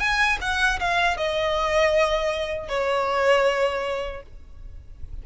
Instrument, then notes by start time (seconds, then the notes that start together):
violin
0.00 G#5
0.41 F#5
0.80 F5
1.17 D#5
2.69 C#5